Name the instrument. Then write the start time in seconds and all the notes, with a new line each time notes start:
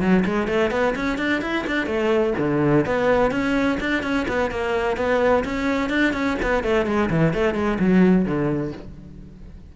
cello
0.00 F#3
0.25 G#3
0.47 A3
0.70 B3
0.95 C#4
1.17 D4
1.41 E4
1.66 D4
1.86 A3
2.38 D3
2.85 B3
3.30 C#4
3.80 D4
4.02 C#4
4.27 B3
4.51 A#3
4.96 B3
5.44 C#4
5.89 D4
6.13 C#4
6.42 B3
6.63 A3
6.85 G#3
7.10 E3
7.33 A3
7.54 G#3
7.79 F#3
8.25 D3